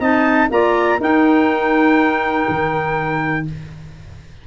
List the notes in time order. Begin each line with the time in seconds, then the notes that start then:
0.00 C4 D#4 D#5 A5
0.50 A#3 F4 D5 A#5
0.99 D#4 A#4 G5
2.48 D#3